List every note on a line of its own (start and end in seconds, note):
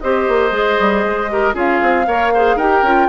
0.00 0.28 C4
0.00 0.51 G4
0.00 1.31 C5
0.00 1.54 D#5
0.28 0.51 A#3
0.51 0.76 G#3
0.51 1.28 G#4
0.79 1.04 G3
1.04 1.54 G#3
1.30 1.53 G4
1.30 1.54 A#4
1.53 1.79 C#4
1.53 2.04 F4
1.53 2.05 G#4
1.53 2.58 F5
1.82 2.06 C4
2.06 2.55 A#3
2.06 2.32 A#4
2.06 2.33 C#5
2.34 2.60 G#4
2.34 2.56 C5
2.55 2.81 D#4
2.55 2.85 G4
2.55 3.07 A#4
2.55 3.09 G5
2.82 3.08 C#4
2.82 3.09 F4